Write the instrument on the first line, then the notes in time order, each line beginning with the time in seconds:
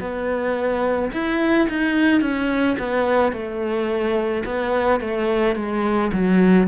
cello
0.00 B3
1.13 E4
1.69 D#4
2.21 C#4
2.79 B3
3.32 A3
4.45 B3
5.01 A3
5.56 G#3
6.13 F#3